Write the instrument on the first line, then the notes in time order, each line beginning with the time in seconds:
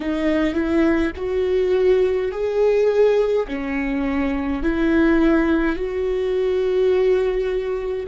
viola
0.00 D#4
0.53 E4
1.15 F#4
2.31 G#4
3.47 C#4
4.62 E4
5.75 F#4